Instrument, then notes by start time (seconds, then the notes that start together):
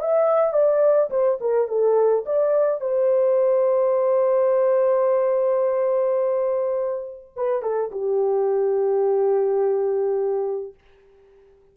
horn
0.00 E5
0.53 D5
1.10 C5
1.40 A#4
1.68 A4
2.25 D5
2.80 C5
7.36 B4
7.62 A4
7.91 G4